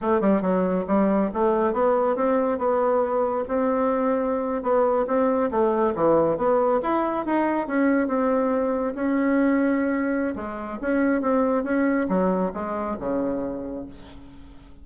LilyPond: \new Staff \with { instrumentName = "bassoon" } { \time 4/4 \tempo 4 = 139 a8 g8 fis4 g4 a4 | b4 c'4 b2 | c'2~ c'8. b4 c'16~ | c'8. a4 e4 b4 e'16~ |
e'8. dis'4 cis'4 c'4~ c'16~ | c'8. cis'2.~ cis'16 | gis4 cis'4 c'4 cis'4 | fis4 gis4 cis2 | }